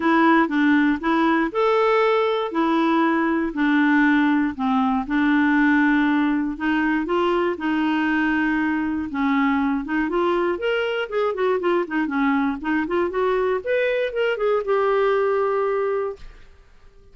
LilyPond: \new Staff \with { instrumentName = "clarinet" } { \time 4/4 \tempo 4 = 119 e'4 d'4 e'4 a'4~ | a'4 e'2 d'4~ | d'4 c'4 d'2~ | d'4 dis'4 f'4 dis'4~ |
dis'2 cis'4. dis'8 | f'4 ais'4 gis'8 fis'8 f'8 dis'8 | cis'4 dis'8 f'8 fis'4 b'4 | ais'8 gis'8 g'2. | }